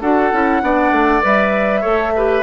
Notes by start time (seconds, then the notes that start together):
0.00 D4 F#4 A4 F#5
0.32 C#4 E4
0.62 B3 D4 D5
0.91 A3
1.21 G3 B4 E5
1.81 A3 A4 C#5
2.16 G4 B4